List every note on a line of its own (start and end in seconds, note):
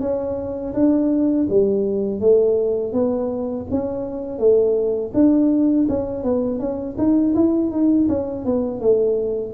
0.00 0.73 C#4
0.74 1.47 D4
1.49 2.20 G3
2.20 2.92 A3
2.92 3.66 B3
3.71 4.39 C#4
4.39 5.12 A3
5.14 5.87 D4
5.88 6.23 C#4
6.23 6.59 B3
6.59 6.96 C#4
6.97 7.34 D#4
7.35 7.71 E4
7.71 8.07 D#4
8.09 8.45 C#4
8.45 8.80 B3
8.80 9.53 A3